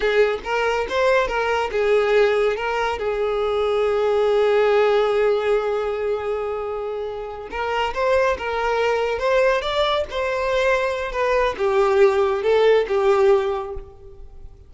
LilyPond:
\new Staff \with { instrumentName = "violin" } { \time 4/4 \tempo 4 = 140 gis'4 ais'4 c''4 ais'4 | gis'2 ais'4 gis'4~ | gis'1~ | gis'1~ |
gis'4. ais'4 c''4 ais'8~ | ais'4. c''4 d''4 c''8~ | c''2 b'4 g'4~ | g'4 a'4 g'2 | }